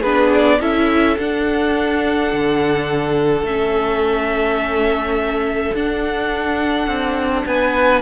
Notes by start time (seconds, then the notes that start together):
0.00 B3 D4 G#4 B4
0.34 D5
0.60 C#4 E4 A4 E5
1.18 D4 F#5
2.33 D3
3.42 A3 C#4 E5
5.74 D4 F#5
6.87 C4
7.45 B3 B4 G#5